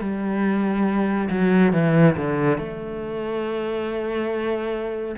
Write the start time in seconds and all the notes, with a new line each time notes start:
0.00 G3
1.30 F#3
1.73 E3
2.16 D3
2.58 A3